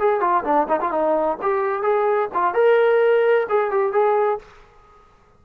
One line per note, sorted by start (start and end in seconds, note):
0.00 0.21 G#4
0.21 0.44 F4
0.44 0.68 D4
0.69 0.81 D#4
0.81 0.92 F4
0.92 1.38 D#4
1.42 1.83 G4
1.83 2.29 G#4
2.35 2.54 F4
2.54 3.47 A#4
3.49 3.71 G#4
3.71 3.93 G4
3.93 4.39 G#4